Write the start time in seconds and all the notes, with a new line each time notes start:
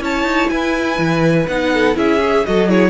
0.00 C#4 E4 C#5 A5
0.23 D#4
0.50 E4 B4 G#5
0.99 E3
1.48 B3 D#4 F#5
1.74 A4
1.95 C#4 E4 G#4 E5
2.21 G#4
2.46 F#3 F#4 A4 D#5
2.69 E4 G#4 C#5